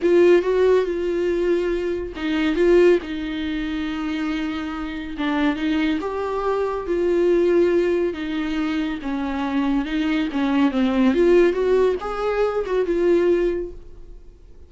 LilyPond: \new Staff \with { instrumentName = "viola" } { \time 4/4 \tempo 4 = 140 f'4 fis'4 f'2~ | f'4 dis'4 f'4 dis'4~ | dis'1 | d'4 dis'4 g'2 |
f'2. dis'4~ | dis'4 cis'2 dis'4 | cis'4 c'4 f'4 fis'4 | gis'4. fis'8 f'2 | }